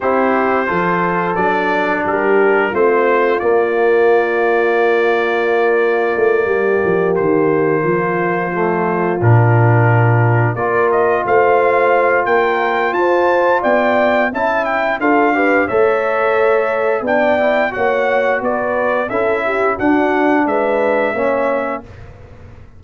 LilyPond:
<<
  \new Staff \with { instrumentName = "trumpet" } { \time 4/4 \tempo 4 = 88 c''2 d''4 ais'4 | c''4 d''2.~ | d''2~ d''8 c''4.~ | c''4. ais'2 d''8 |
dis''8 f''4. g''4 a''4 | g''4 a''8 g''8 f''4 e''4~ | e''4 g''4 fis''4 d''4 | e''4 fis''4 e''2 | }
  \new Staff \with { instrumentName = "horn" } { \time 4/4 g'4 a'2 g'4 | f'1~ | f'4. g'2 f'8~ | f'2.~ f'8 ais'8~ |
ais'8 c''4. ais'4 c''4 | d''4 e''4 a'8 b'8 cis''4~ | cis''4 d''4 cis''4 b'4 | a'8 g'8 fis'4 b'4 cis''4 | }
  \new Staff \with { instrumentName = "trombone" } { \time 4/4 e'4 f'4 d'2 | c'4 ais2.~ | ais1~ | ais8 a4 d'2 f'8~ |
f'1~ | f'4 e'4 f'8 g'8 a'4~ | a'4 d'8 e'8 fis'2 | e'4 d'2 cis'4 | }
  \new Staff \with { instrumentName = "tuba" } { \time 4/4 c'4 f4 fis4 g4 | a4 ais2.~ | ais4 a8 g8 f8 dis4 f8~ | f4. ais,2 ais8~ |
ais8 a4. ais4 f'4 | b4 cis'4 d'4 a4~ | a4 b4 ais4 b4 | cis'4 d'4 gis4 ais4 | }
>>